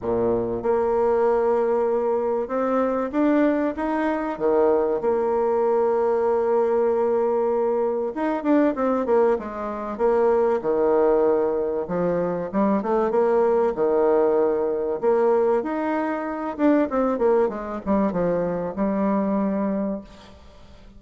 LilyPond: \new Staff \with { instrumentName = "bassoon" } { \time 4/4 \tempo 4 = 96 ais,4 ais2. | c'4 d'4 dis'4 dis4 | ais1~ | ais4 dis'8 d'8 c'8 ais8 gis4 |
ais4 dis2 f4 | g8 a8 ais4 dis2 | ais4 dis'4. d'8 c'8 ais8 | gis8 g8 f4 g2 | }